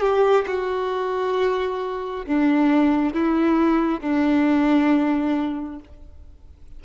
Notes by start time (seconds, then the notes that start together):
0.00 G4
0.47 F#4
2.26 D4
3.14 E4
4.01 D4